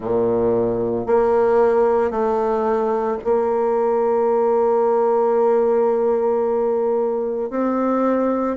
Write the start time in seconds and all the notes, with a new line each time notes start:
0.00 A#2
1.06 A#3
2.10 A3
3.23 A#3
7.50 C4